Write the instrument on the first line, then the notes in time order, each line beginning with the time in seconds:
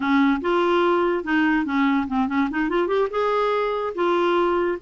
clarinet
0.00 C#4
0.41 F4
1.24 D#4
1.65 C#4
2.07 C4
2.28 C#4
2.50 D#4
2.69 F4
2.87 G4
3.10 G#4
3.94 F4